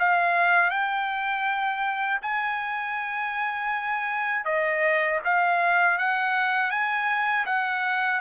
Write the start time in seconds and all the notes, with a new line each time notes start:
0.00 F5
0.71 G5
2.22 G#5
4.46 D#5
5.25 F5
5.99 F#5
6.71 G#5
7.46 F#5